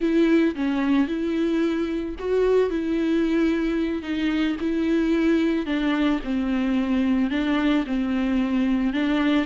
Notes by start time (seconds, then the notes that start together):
0.00 E4
0.55 C#4
1.07 E4
2.18 F#4
2.70 E4
4.02 D#4
4.60 E4
5.65 D4
6.23 C4
7.30 D4
7.86 C4
8.93 D4